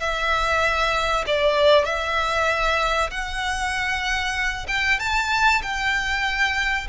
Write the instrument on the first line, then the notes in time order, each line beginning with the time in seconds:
violin
0.00 E5
1.27 D5
1.86 E5
3.11 F#5
4.68 G5
5.00 A5
5.63 G5